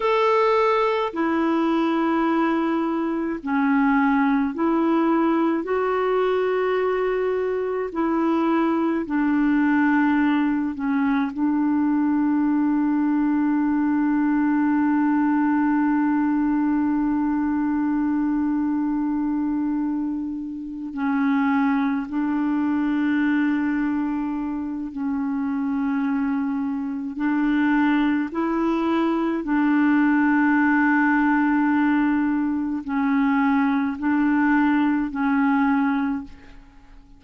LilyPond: \new Staff \with { instrumentName = "clarinet" } { \time 4/4 \tempo 4 = 53 a'4 e'2 cis'4 | e'4 fis'2 e'4 | d'4. cis'8 d'2~ | d'1~ |
d'2~ d'8 cis'4 d'8~ | d'2 cis'2 | d'4 e'4 d'2~ | d'4 cis'4 d'4 cis'4 | }